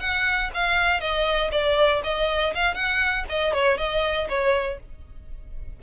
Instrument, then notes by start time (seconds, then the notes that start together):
violin
0.00 F#5
0.54 F5
1.00 D#5
1.51 D5
2.03 D#5
2.54 F5
2.74 F#5
3.29 D#5
3.53 C#5
3.77 D#5
4.29 C#5